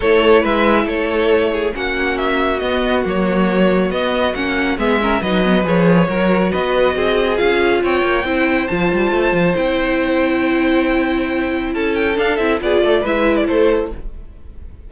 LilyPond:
<<
  \new Staff \with { instrumentName = "violin" } { \time 4/4 \tempo 4 = 138 cis''4 e''4 cis''2 | fis''4 e''4 dis''4 cis''4~ | cis''4 dis''4 fis''4 e''4 | dis''4 cis''2 dis''4~ |
dis''4 f''4 g''2 | a''2 g''2~ | g''2. a''8 g''8 | f''8 e''8 d''4 e''8. d''16 c''4 | }
  \new Staff \with { instrumentName = "violin" } { \time 4/4 a'4 b'4 a'4. gis'8 | fis'1~ | fis'2. gis'8 ais'8 | b'2 ais'4 b'4 |
gis'2 cis''4 c''4~ | c''1~ | c''2. a'4~ | a'4 gis'8 a'8 b'4 a'4 | }
  \new Staff \with { instrumentName = "viola" } { \time 4/4 e'1 | cis'2 b4 ais4~ | ais4 b4 cis'4 b8 cis'8 | dis'8 b8 gis'4 fis'2~ |
fis'4 f'2 e'4 | f'2 e'2~ | e'1 | d'8 e'8 f'4 e'2 | }
  \new Staff \with { instrumentName = "cello" } { \time 4/4 a4 gis4 a2 | ais2 b4 fis4~ | fis4 b4 ais4 gis4 | fis4 f4 fis4 b4 |
c'4 cis'4 c'8 ais8 c'4 | f8 g8 a8 f8 c'2~ | c'2. cis'4 | d'8 c'8 b8 a8 gis4 a4 | }
>>